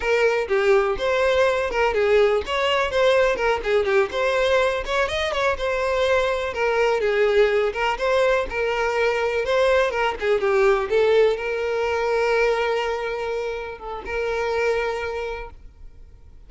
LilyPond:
\new Staff \with { instrumentName = "violin" } { \time 4/4 \tempo 4 = 124 ais'4 g'4 c''4. ais'8 | gis'4 cis''4 c''4 ais'8 gis'8 | g'8 c''4. cis''8 dis''8 cis''8 c''8~ | c''4. ais'4 gis'4. |
ais'8 c''4 ais'2 c''8~ | c''8 ais'8 gis'8 g'4 a'4 ais'8~ | ais'1~ | ais'8 a'8 ais'2. | }